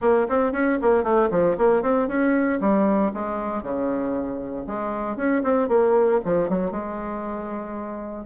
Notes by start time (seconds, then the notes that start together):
0.01 A#3
0.28 C4
0.52 C#4
0.81 A#3
1.03 A3
1.30 F3
1.57 A#3
1.82 C4
2.08 C#4
2.60 G3
3.13 G#3
3.63 C#3
4.66 G#3
5.16 C#4
5.43 C4
5.68 A#3
6.24 F3
6.49 F#3
6.71 G#3